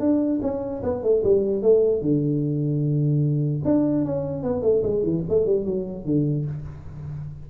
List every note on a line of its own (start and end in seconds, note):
0.00 0.40 D4
0.42 0.83 C#4
0.83 1.03 B3
1.03 1.24 A3
1.24 1.63 G3
1.63 2.02 A3
2.02 3.63 D3
3.65 4.05 D4
4.05 4.43 C#4
4.43 4.63 B3
4.63 4.83 A3
4.83 5.03 G#3
5.03 5.23 E3
5.29 5.46 A3
5.46 5.66 G3
5.66 6.05 F#3
6.05 6.46 D3